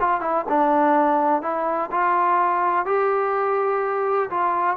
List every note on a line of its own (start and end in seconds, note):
0.00 0.21 F4
0.21 0.45 E4
0.48 1.42 D4
1.42 1.90 E4
1.91 2.85 F4
2.85 4.29 G4
4.30 4.77 F4